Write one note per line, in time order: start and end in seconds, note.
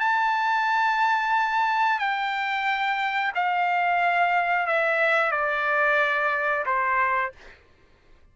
0.00 1.99 A5
1.99 3.32 G5
3.35 4.67 F5
4.67 5.32 E5
5.32 6.65 D5
6.66 7.33 C5